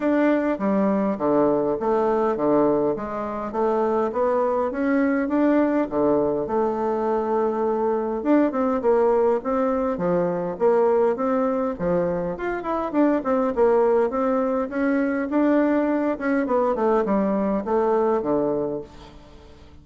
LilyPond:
\new Staff \with { instrumentName = "bassoon" } { \time 4/4 \tempo 4 = 102 d'4 g4 d4 a4 | d4 gis4 a4 b4 | cis'4 d'4 d4 a4~ | a2 d'8 c'8 ais4 |
c'4 f4 ais4 c'4 | f4 f'8 e'8 d'8 c'8 ais4 | c'4 cis'4 d'4. cis'8 | b8 a8 g4 a4 d4 | }